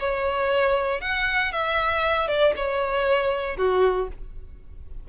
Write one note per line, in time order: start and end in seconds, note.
0.00 1.01 C#5
1.01 1.53 F#5
1.53 2.28 E5
2.28 2.54 D5
2.57 3.57 C#5
3.57 4.09 F#4